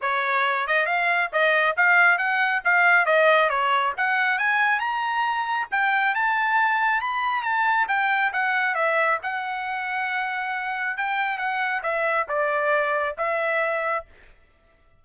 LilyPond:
\new Staff \with { instrumentName = "trumpet" } { \time 4/4 \tempo 4 = 137 cis''4. dis''8 f''4 dis''4 | f''4 fis''4 f''4 dis''4 | cis''4 fis''4 gis''4 ais''4~ | ais''4 g''4 a''2 |
b''4 a''4 g''4 fis''4 | e''4 fis''2.~ | fis''4 g''4 fis''4 e''4 | d''2 e''2 | }